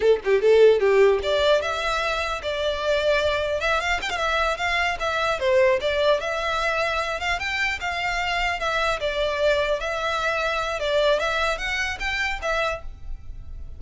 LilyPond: \new Staff \with { instrumentName = "violin" } { \time 4/4 \tempo 4 = 150 a'8 g'8 a'4 g'4 d''4 | e''2 d''2~ | d''4 e''8 f''8 g''16 f''16 e''4 f''8~ | f''8 e''4 c''4 d''4 e''8~ |
e''2 f''8 g''4 f''8~ | f''4. e''4 d''4.~ | d''8 e''2~ e''8 d''4 | e''4 fis''4 g''4 e''4 | }